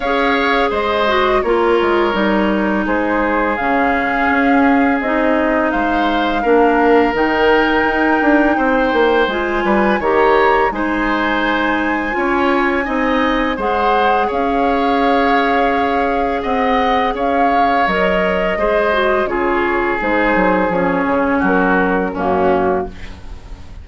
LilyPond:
<<
  \new Staff \with { instrumentName = "flute" } { \time 4/4 \tempo 4 = 84 f''4 dis''4 cis''2 | c''4 f''2 dis''4 | f''2 g''2~ | g''4 gis''4 ais''4 gis''4~ |
gis''2. fis''4 | f''2. fis''4 | f''4 dis''2 cis''4 | c''4 cis''4 ais'4 fis'4 | }
  \new Staff \with { instrumentName = "oboe" } { \time 4/4 cis''4 c''4 ais'2 | gis'1 | c''4 ais'2. | c''4. b'8 cis''4 c''4~ |
c''4 cis''4 dis''4 c''4 | cis''2. dis''4 | cis''2 c''4 gis'4~ | gis'2 fis'4 cis'4 | }
  \new Staff \with { instrumentName = "clarinet" } { \time 4/4 gis'4. fis'8 f'4 dis'4~ | dis'4 cis'2 dis'4~ | dis'4 d'4 dis'2~ | dis'4 f'4 g'4 dis'4~ |
dis'4 f'4 dis'4 gis'4~ | gis'1~ | gis'4 ais'4 gis'8 fis'8 f'4 | dis'4 cis'2 ais4 | }
  \new Staff \with { instrumentName = "bassoon" } { \time 4/4 cis'4 gis4 ais8 gis8 g4 | gis4 cis4 cis'4 c'4 | gis4 ais4 dis4 dis'8 d'8 | c'8 ais8 gis8 g8 dis4 gis4~ |
gis4 cis'4 c'4 gis4 | cis'2. c'4 | cis'4 fis4 gis4 cis4 | gis8 fis8 f8 cis8 fis4 fis,4 | }
>>